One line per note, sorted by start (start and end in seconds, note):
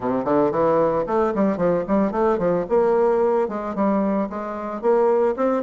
0.00 0.24 C3
0.24 0.51 D3
0.51 1.04 E3
1.06 1.33 A3
1.34 1.57 G3
1.57 1.84 F3
1.87 2.11 G3
2.11 2.38 A3
2.38 2.65 F3
2.69 3.48 A#3
3.48 3.75 G#3
3.75 4.29 G3
4.29 4.81 G#3
4.81 5.35 A#3
5.36 5.62 C4